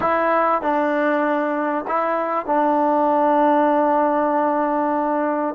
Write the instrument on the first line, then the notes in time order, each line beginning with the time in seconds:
trombone
0.00 E4
0.61 D4
1.87 E4
2.46 D4